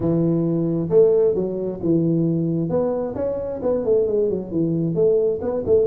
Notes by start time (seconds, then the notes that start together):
0.00 E3
0.89 A3
1.35 F#3
1.82 E3
2.69 B3
3.15 C#4
3.62 B3
3.84 A3
4.07 G#3
4.29 F#3
4.51 E3
4.95 A3
5.41 B3
5.66 A3